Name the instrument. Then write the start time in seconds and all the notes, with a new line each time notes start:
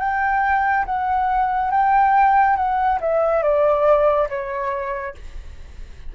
flute
0.00 G5
0.86 F#5
1.71 G5
2.56 F#5
3.01 E5
3.43 D5
4.29 C#5